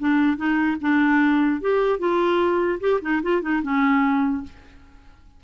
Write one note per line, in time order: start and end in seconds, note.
0.00 0.37 D4
0.37 0.78 D#4
0.82 1.62 D4
1.62 1.99 G4
1.99 2.80 F4
2.81 3.01 G4
3.02 3.22 D#4
3.23 3.42 F4
3.42 3.63 D#4
3.63 4.44 C#4